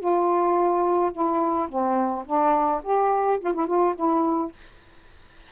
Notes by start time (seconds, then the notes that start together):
0.00 F4
1.13 E4
1.69 C4
2.26 D4
2.84 G4
3.40 F4
3.54 E4
3.67 F4
3.96 E4